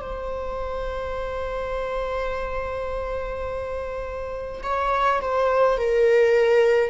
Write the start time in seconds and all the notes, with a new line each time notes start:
0.00 C5
4.63 C#5
5.21 C5
5.77 A#4